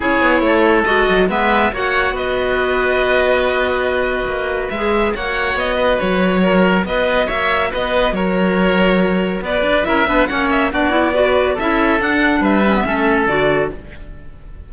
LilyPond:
<<
  \new Staff \with { instrumentName = "violin" } { \time 4/4 \tempo 4 = 140 cis''2 dis''4 e''4 | fis''4 dis''2.~ | dis''2. e''4 | fis''4 dis''4 cis''2 |
dis''4 e''4 dis''4 cis''4~ | cis''2 d''4 e''4 | fis''8 e''8 d''2 e''4 | fis''4 e''2 d''4 | }
  \new Staff \with { instrumentName = "oboe" } { \time 4/4 gis'4 a'2 b'4 | cis''4 b'2.~ | b'1 | cis''4. b'4. ais'4 |
b'4 cis''4 b'4 ais'4~ | ais'2 b'4 ais'8 b'8 | cis''4 fis'4 b'4 a'4~ | a'4 b'4 a'2 | }
  \new Staff \with { instrumentName = "clarinet" } { \time 4/4 e'2 fis'4 b4 | fis'1~ | fis'2. gis'4 | fis'1~ |
fis'1~ | fis'2. e'8 d'8 | cis'4 d'8 e'8 fis'4 e'4 | d'4. cis'16 b16 cis'4 fis'4 | }
  \new Staff \with { instrumentName = "cello" } { \time 4/4 cis'8 b8 a4 gis8 fis8 gis4 | ais4 b2.~ | b2 ais4 gis4 | ais4 b4 fis2 |
b4 ais4 b4 fis4~ | fis2 b8 d'8 cis'8 b8 | ais4 b2 cis'4 | d'4 g4 a4 d4 | }
>>